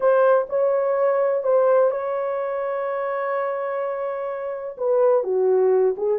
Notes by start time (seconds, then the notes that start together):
0.00 C5
0.49 C#5
1.43 C5
1.90 C#5
4.77 B4
5.23 F#4
5.97 G#4